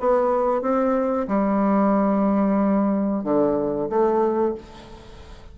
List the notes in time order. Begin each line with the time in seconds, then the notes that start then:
0.00 B3
0.62 C4
1.28 G3
3.24 D3
3.90 A3